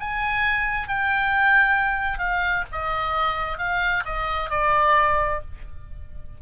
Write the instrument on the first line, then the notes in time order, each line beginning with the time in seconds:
oboe
0.00 G#5
0.88 G5
2.18 F5
2.72 D#5
3.58 F5
4.05 D#5
4.50 D5